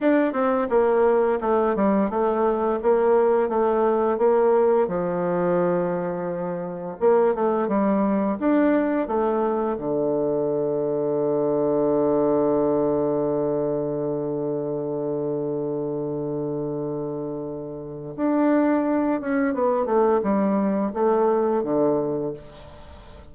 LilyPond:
\new Staff \with { instrumentName = "bassoon" } { \time 4/4 \tempo 4 = 86 d'8 c'8 ais4 a8 g8 a4 | ais4 a4 ais4 f4~ | f2 ais8 a8 g4 | d'4 a4 d2~ |
d1~ | d1~ | d2 d'4. cis'8 | b8 a8 g4 a4 d4 | }